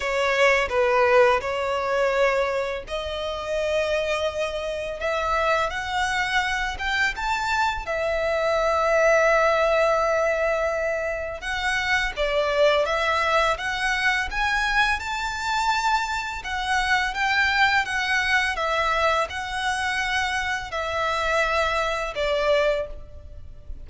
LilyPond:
\new Staff \with { instrumentName = "violin" } { \time 4/4 \tempo 4 = 84 cis''4 b'4 cis''2 | dis''2. e''4 | fis''4. g''8 a''4 e''4~ | e''1 |
fis''4 d''4 e''4 fis''4 | gis''4 a''2 fis''4 | g''4 fis''4 e''4 fis''4~ | fis''4 e''2 d''4 | }